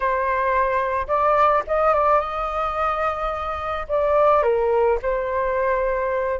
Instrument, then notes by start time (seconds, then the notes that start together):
flute
0.00 C5
1.07 D5
1.67 D#5
1.93 D5
2.19 D#5
3.88 D5
4.42 A#4
5.02 C5